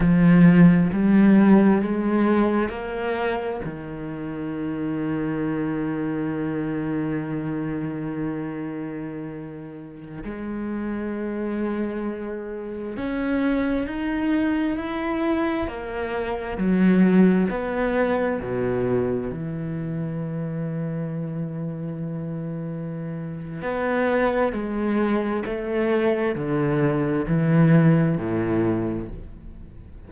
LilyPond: \new Staff \with { instrumentName = "cello" } { \time 4/4 \tempo 4 = 66 f4 g4 gis4 ais4 | dis1~ | dis2.~ dis16 gis8.~ | gis2~ gis16 cis'4 dis'8.~ |
dis'16 e'4 ais4 fis4 b8.~ | b16 b,4 e2~ e8.~ | e2 b4 gis4 | a4 d4 e4 a,4 | }